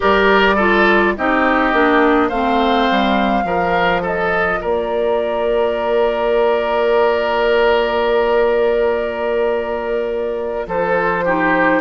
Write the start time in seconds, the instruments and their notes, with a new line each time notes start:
0.00 bassoon G3, clarinet G4, oboe A#4, flute D5
0.55 clarinet F4, oboe A4
1.17 bassoon C4, clarinet D#4, oboe G4, flute D#5
1.73 bassoon A#3, clarinet D4
2.28 bassoon A3, clarinet C4, oboe C5, flute F5
2.90 bassoon G3
3.44 bassoon F3, clarinet F4, oboe A#4
4.02 oboe A4, flute D#5
4.61 bassoon A#3, oboe A#4, flute D5
10.66 bassoon F3, oboe A4, flute C5
11.24 clarinet D#4, oboe G4